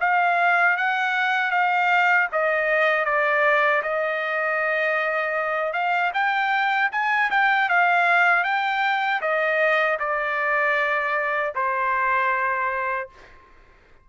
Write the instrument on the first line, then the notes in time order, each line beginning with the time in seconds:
trumpet
0.00 F5
0.77 F#5
1.51 F5
2.32 D#5
3.05 D5
3.83 D#5
5.73 F5
6.14 G5
6.91 G#5
7.30 G5
7.69 F5
8.44 G5
9.21 D#5
9.99 D5
11.55 C5